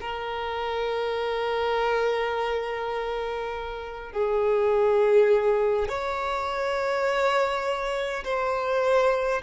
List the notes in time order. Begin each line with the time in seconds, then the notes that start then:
0.00 A#4
4.12 G#4
5.88 C#5
8.24 C5